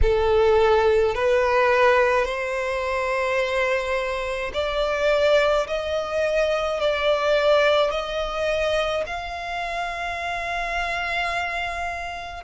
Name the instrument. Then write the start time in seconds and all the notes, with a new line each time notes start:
violin
0.02 A4
1.14 B4
2.25 C5
4.53 D5
5.67 D#5
6.80 D5
7.90 D#5
9.06 F5